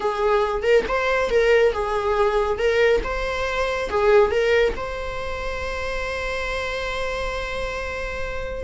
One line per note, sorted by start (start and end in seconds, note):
0.00 0.63 G#4
0.63 0.84 A#4
0.88 1.29 C5
1.29 1.72 A#4
1.72 2.58 G#4
2.58 3.01 A#4
3.03 3.89 C5
3.89 4.30 G#4
4.30 4.73 A#4
4.76 8.64 C5